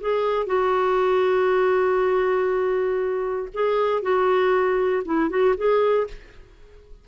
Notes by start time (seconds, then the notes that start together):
0.00 G#4
0.46 F#4
3.54 G#4
4.02 F#4
5.05 E4
5.30 F#4
5.57 G#4